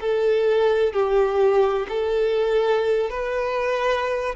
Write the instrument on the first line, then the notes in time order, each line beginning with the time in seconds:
violin
0.00 A4
0.93 G4
1.88 A4
3.10 B4